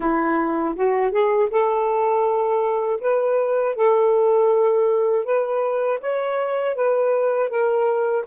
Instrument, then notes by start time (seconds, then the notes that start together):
saxophone
0.00 E4
0.75 F#4
1.11 G#4
1.50 A4
3.00 B4
3.75 A4
5.24 B4
6.00 C#5
6.75 B4
7.49 A#4